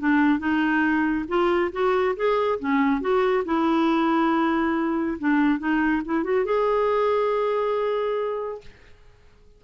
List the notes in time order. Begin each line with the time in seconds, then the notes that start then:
0.00 D4
0.40 D#4
1.29 F4
1.73 F#4
2.16 G#4
2.60 C#4
3.01 F#4
3.46 E4
5.19 D4
5.60 D#4
6.05 E4
6.24 F#4
6.46 G#4